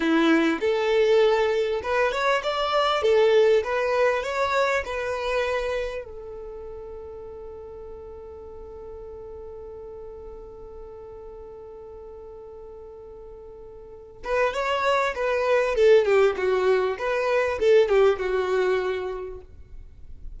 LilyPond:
\new Staff \with { instrumentName = "violin" } { \time 4/4 \tempo 4 = 99 e'4 a'2 b'8 cis''8 | d''4 a'4 b'4 cis''4 | b'2 a'2~ | a'1~ |
a'1~ | a'2.~ a'8 b'8 | cis''4 b'4 a'8 g'8 fis'4 | b'4 a'8 g'8 fis'2 | }